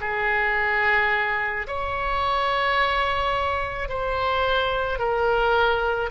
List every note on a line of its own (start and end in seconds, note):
0.00 1.67 G#4
1.67 3.89 C#5
3.89 4.99 C5
4.99 6.10 A#4